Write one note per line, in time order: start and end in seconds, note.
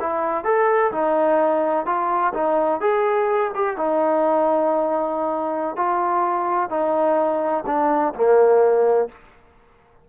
0.00 0.44 E4
0.44 0.91 A4
0.92 1.86 D#4
1.86 2.33 F4
2.34 2.81 D#4
2.81 3.52 G#4
3.54 3.77 G4
3.77 5.76 D#4
5.76 6.70 F4
6.70 7.64 D#4
7.66 8.13 D4
8.14 9.08 A#3